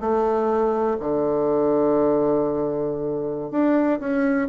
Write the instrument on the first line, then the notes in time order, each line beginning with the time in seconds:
bassoon
0.00 A3
0.99 D3
3.51 D4
4.00 C#4